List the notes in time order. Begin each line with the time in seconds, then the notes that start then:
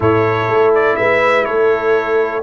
0.00 A2 E4 A4 C#5
0.48 A3
0.74 D5
0.96 G#3 B4 E5
1.45 A3 A4 C#5